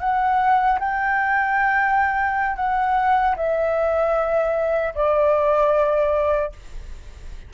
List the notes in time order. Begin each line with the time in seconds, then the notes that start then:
0.00 F#5
0.79 G5
2.56 F#5
3.36 E5
4.94 D5